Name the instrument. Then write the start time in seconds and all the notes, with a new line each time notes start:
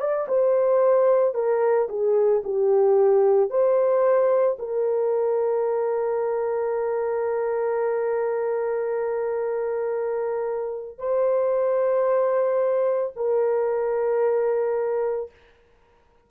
horn
0.00 D5
0.28 C5
1.34 A#4
1.89 G#4
2.44 G4
3.50 C5
4.59 A#4
10.99 C5
13.16 A#4